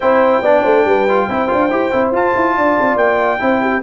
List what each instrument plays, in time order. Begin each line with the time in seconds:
0.00 tuba C4, trombone E4, horn C5, trumpet G5
0.41 tuba B3, trombone D4, horn D5
0.62 tuba A3, horn C5
0.85 tuba G3, horn B4
1.09 trombone F4
1.28 tuba C4, trombone E4, horn C5
1.48 tuba D4, trombone F4
1.70 tuba E4, trombone G4
1.92 tuba C4, trombone E4
2.11 tuba F4, trombone F4, trumpet A5
2.35 tuba E4
2.56 tuba D4, horn D5
2.80 tuba C4
2.96 tuba A#3, trumpet G5
3.39 tuba C4, trombone E4, horn C5
3.61 horn G4